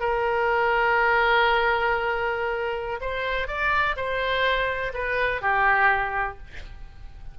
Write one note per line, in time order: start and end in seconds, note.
0.00 3.00 A#4
3.01 3.47 C5
3.47 3.95 D5
3.96 4.92 C5
4.94 5.42 B4
5.42 6.38 G4